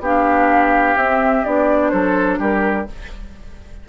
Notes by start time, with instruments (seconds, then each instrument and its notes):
0.00 bassoon B3, clarinet D4, oboe G4, flute F5
0.96 bassoon C4, clarinet C4, flute E5
1.45 bassoon B3, clarinet D4, flute D5
1.90 bassoon F#3, oboe A4, flute C5
2.39 bassoon G3, oboe G4, flute A#4